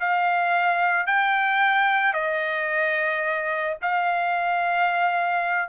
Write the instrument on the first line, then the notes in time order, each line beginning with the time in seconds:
trumpet
0.00 F5
1.07 G5
2.14 D#5
3.82 F5